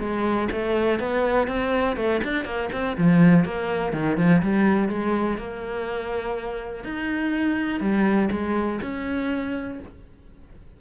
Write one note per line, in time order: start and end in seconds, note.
0.00 0.49 G#3
0.52 1.00 A3
1.00 1.48 B3
1.48 1.97 C4
1.97 2.21 A3
2.24 2.45 D4
2.45 2.70 A#3
2.73 2.97 C4
2.98 3.45 F3
3.45 3.93 A#3
3.93 4.18 D#3
4.18 4.42 F3
4.42 4.89 G3
4.89 5.38 G#3
5.38 6.84 A#3
6.84 7.81 D#4
7.81 8.30 G3
8.31 8.80 G#3
8.82 9.80 C#4